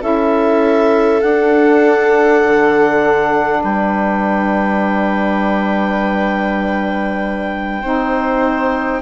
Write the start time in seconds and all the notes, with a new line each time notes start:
0.00 C#4 E4 A4 E5
1.21 D4 F#5
2.44 D3
3.62 G3 B4 G5
7.82 C4 D#4 C5